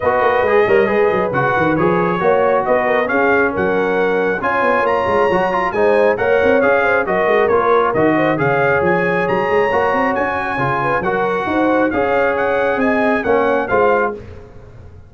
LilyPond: <<
  \new Staff \with { instrumentName = "trumpet" } { \time 4/4 \tempo 4 = 136 dis''2. fis''4 | cis''2 dis''4 f''4 | fis''2 gis''4 ais''4~ | ais''4 gis''4 fis''4 f''4 |
dis''4 cis''4 dis''4 f''4 | gis''4 ais''2 gis''4~ | gis''4 fis''2 f''4 | fis''4 gis''4 fis''4 f''4 | }
  \new Staff \with { instrumentName = "horn" } { \time 4/4 b'4. cis''8 b'2~ | b'4 cis''4 b'8 ais'8 gis'4 | ais'2 cis''2~ | cis''4 c''4 cis''4. c''8 |
ais'2~ ais'8 c''8 cis''4~ | cis''1~ | cis''8 b'8 ais'4 c''4 cis''4~ | cis''4 dis''4 cis''4 c''4 | }
  \new Staff \with { instrumentName = "trombone" } { \time 4/4 fis'4 gis'8 ais'8 gis'4 fis'4 | gis'4 fis'2 cis'4~ | cis'2 f'2 | fis'8 f'8 dis'4 ais'4 gis'4 |
fis'4 f'4 fis'4 gis'4~ | gis'2 fis'2 | f'4 fis'2 gis'4~ | gis'2 cis'4 f'4 | }
  \new Staff \with { instrumentName = "tuba" } { \time 4/4 b8 ais8 gis8 g8 gis8 fis8 cis8 dis8 | f4 ais4 b4 cis'4 | fis2 cis'8 b8 ais8 gis8 | fis4 gis4 ais8 c'8 cis'4 |
fis8 gis8 ais4 dis4 cis4 | f4 fis8 gis8 ais8 c'8 cis'4 | cis4 fis4 dis'4 cis'4~ | cis'4 c'4 ais4 gis4 | }
>>